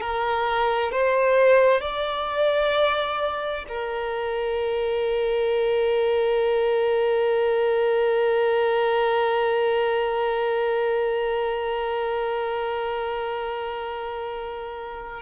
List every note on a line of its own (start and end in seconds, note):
0.00 0.91 A#4
0.91 1.80 C5
1.80 3.65 D5
3.68 15.21 A#4